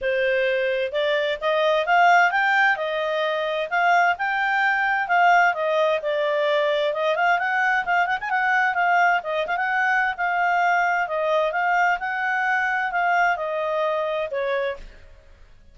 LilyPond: \new Staff \with { instrumentName = "clarinet" } { \time 4/4 \tempo 4 = 130 c''2 d''4 dis''4 | f''4 g''4 dis''2 | f''4 g''2 f''4 | dis''4 d''2 dis''8 f''8 |
fis''4 f''8 fis''16 gis''16 fis''4 f''4 | dis''8 f''16 fis''4~ fis''16 f''2 | dis''4 f''4 fis''2 | f''4 dis''2 cis''4 | }